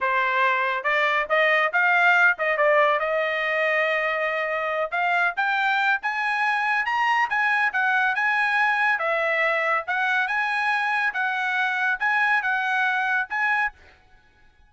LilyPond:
\new Staff \with { instrumentName = "trumpet" } { \time 4/4 \tempo 4 = 140 c''2 d''4 dis''4 | f''4. dis''8 d''4 dis''4~ | dis''2.~ dis''8 f''8~ | f''8 g''4. gis''2 |
ais''4 gis''4 fis''4 gis''4~ | gis''4 e''2 fis''4 | gis''2 fis''2 | gis''4 fis''2 gis''4 | }